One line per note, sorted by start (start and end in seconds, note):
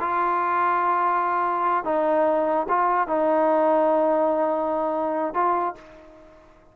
0.00 1.84 F4
1.84 2.67 D#4
2.69 3.08 F4
3.08 5.34 D#4
5.34 5.75 F4